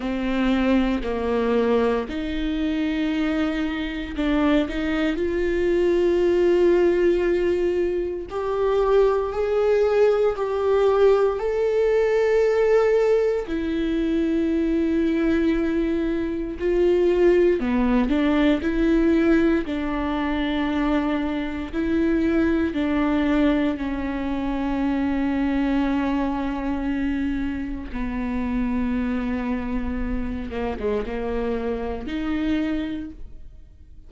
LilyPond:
\new Staff \with { instrumentName = "viola" } { \time 4/4 \tempo 4 = 58 c'4 ais4 dis'2 | d'8 dis'8 f'2. | g'4 gis'4 g'4 a'4~ | a'4 e'2. |
f'4 b8 d'8 e'4 d'4~ | d'4 e'4 d'4 cis'4~ | cis'2. b4~ | b4. ais16 gis16 ais4 dis'4 | }